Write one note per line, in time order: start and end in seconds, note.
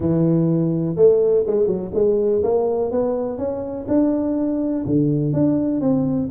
0.00 0.95 E3
0.95 1.44 A3
1.46 1.66 G#3
1.66 1.90 F#3
1.94 2.42 G#3
2.43 2.91 A#3
2.91 3.38 B3
3.38 3.86 C#4
3.88 4.85 D4
4.86 5.33 D3
5.33 5.81 D4
5.81 6.29 C4